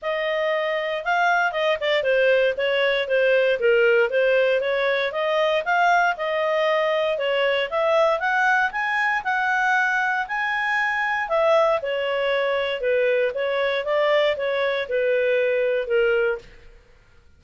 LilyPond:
\new Staff \with { instrumentName = "clarinet" } { \time 4/4 \tempo 4 = 117 dis''2 f''4 dis''8 d''8 | c''4 cis''4 c''4 ais'4 | c''4 cis''4 dis''4 f''4 | dis''2 cis''4 e''4 |
fis''4 gis''4 fis''2 | gis''2 e''4 cis''4~ | cis''4 b'4 cis''4 d''4 | cis''4 b'2 ais'4 | }